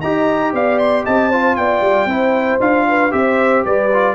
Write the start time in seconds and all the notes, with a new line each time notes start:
0.00 D#4 G4 D#5 A#5
0.52 B3 D5 F5
0.78 C6
1.05 C4 D#5 A5
1.29 F4 C5
1.55 B3 D5 G5
1.81 G3
2.05 C4 E4 C5
2.59 D4 F4 F5
2.88 B4
3.11 C4 G4 C5 E5
3.64 G3 B4 D5
3.93 F4